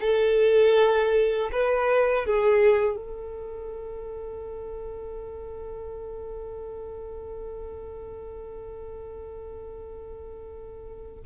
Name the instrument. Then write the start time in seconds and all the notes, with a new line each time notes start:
violin
0.00 A4
1.51 B4
2.25 G#4
2.96 A4